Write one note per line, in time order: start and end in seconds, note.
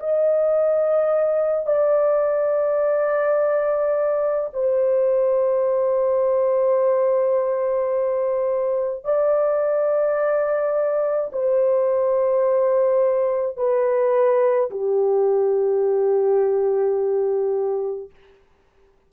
0.00 1.67 D#5
1.67 4.50 D5
4.53 9.05 C5
9.05 11.31 D5
11.33 13.57 C5
13.57 14.70 B4
14.71 18.10 G4